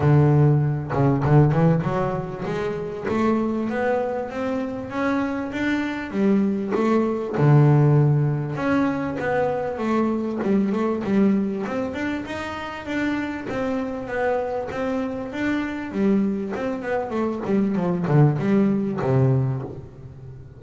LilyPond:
\new Staff \with { instrumentName = "double bass" } { \time 4/4 \tempo 4 = 98 d4. cis8 d8 e8 fis4 | gis4 a4 b4 c'4 | cis'4 d'4 g4 a4 | d2 cis'4 b4 |
a4 g8 a8 g4 c'8 d'8 | dis'4 d'4 c'4 b4 | c'4 d'4 g4 c'8 b8 | a8 g8 f8 d8 g4 c4 | }